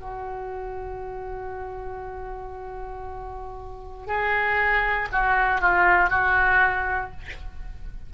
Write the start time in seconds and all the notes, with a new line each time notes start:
0.00 F#4
4.07 G#4
5.12 F#4
5.61 F4
6.10 F#4